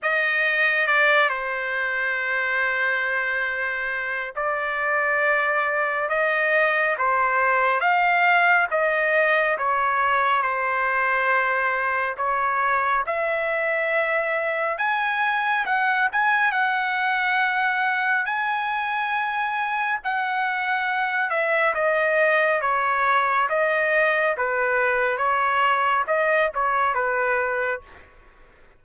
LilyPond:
\new Staff \with { instrumentName = "trumpet" } { \time 4/4 \tempo 4 = 69 dis''4 d''8 c''2~ c''8~ | c''4 d''2 dis''4 | c''4 f''4 dis''4 cis''4 | c''2 cis''4 e''4~ |
e''4 gis''4 fis''8 gis''8 fis''4~ | fis''4 gis''2 fis''4~ | fis''8 e''8 dis''4 cis''4 dis''4 | b'4 cis''4 dis''8 cis''8 b'4 | }